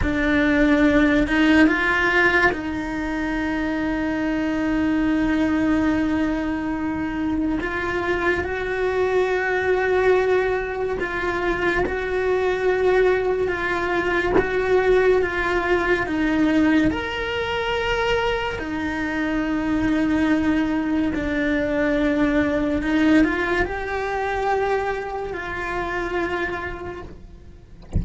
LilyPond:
\new Staff \with { instrumentName = "cello" } { \time 4/4 \tempo 4 = 71 d'4. dis'8 f'4 dis'4~ | dis'1~ | dis'4 f'4 fis'2~ | fis'4 f'4 fis'2 |
f'4 fis'4 f'4 dis'4 | ais'2 dis'2~ | dis'4 d'2 dis'8 f'8 | g'2 f'2 | }